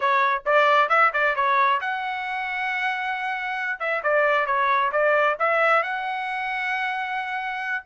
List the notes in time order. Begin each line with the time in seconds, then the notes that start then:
0.00 C#5
0.45 D5
0.89 E5
1.13 D5
1.35 C#5
1.80 F#5
3.79 E5
4.03 D5
4.46 C#5
4.92 D5
5.39 E5
5.82 F#5